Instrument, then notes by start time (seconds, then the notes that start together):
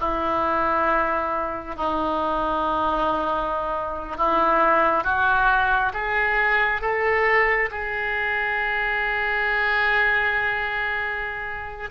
oboe
0.00 E4
1.76 D#4
4.18 E4
5.04 F#4
5.94 G#4
6.82 A4
7.71 G#4